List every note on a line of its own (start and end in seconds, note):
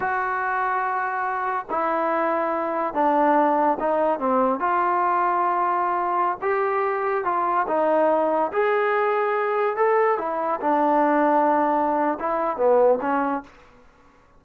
0.00 1.66 F#4
1.70 2.94 E4
2.94 3.78 D4
3.79 4.19 D#4
4.19 4.59 C4
4.59 6.38 F4
6.41 7.24 G4
7.24 7.66 F4
7.67 8.51 D#4
8.52 9.76 G#4
9.76 10.17 A4
10.17 10.59 E4
10.60 12.18 D4
12.19 12.57 E4
12.57 12.99 B3
13.01 13.43 C#4